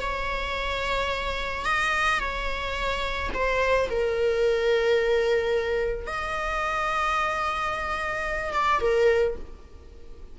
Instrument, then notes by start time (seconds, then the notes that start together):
viola
0.00 C#5
1.65 D#5
2.19 C#5
3.34 C5
3.90 A#4
6.07 D#5
8.53 D5
8.80 A#4